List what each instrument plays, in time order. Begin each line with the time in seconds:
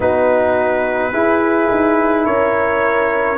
0.00 tuba B3, trombone D#4, horn F#4, trumpet B4
1.12 tuba E4, trombone E4, horn G#4
1.70 tuba D#4
2.25 tuba C#4, horn A#4, trumpet C#5